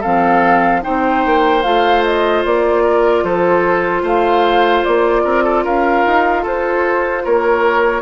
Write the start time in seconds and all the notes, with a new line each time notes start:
0.00 F3 C4 A4 F5
0.82 C4 D#4 C5 G5
1.25 A#3
1.62 A3 F4 F5
2.03 D#5
2.45 A#3 D5
2.83 A#4
3.23 F3 A4 C5
4.02 A3 C5 F5
4.84 A#3 D5
5.23 C4 A#4
5.43 A4
5.64 C#4 A#4 F5
6.06 D#4
6.42 F4 A4 C5
7.24 A#3 A#4 C#5